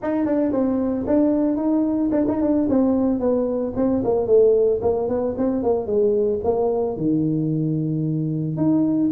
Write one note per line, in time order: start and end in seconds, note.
0.02 0.25 D#4
0.25 0.52 D4
0.52 1.05 C4
1.06 1.56 D4
1.56 2.10 D#4
2.11 2.25 D4
2.27 2.41 D#4
2.41 2.68 D4
2.69 3.19 C4
3.19 3.73 B3
3.76 4.03 C4
4.04 4.26 A#3
4.26 4.80 A3
4.81 5.08 A#3
5.08 5.35 B3
5.37 5.62 C4
5.62 5.86 A#3
5.86 6.40 G#3
6.44 6.96 A#3
6.96 8.56 D#3
8.56 9.10 D#4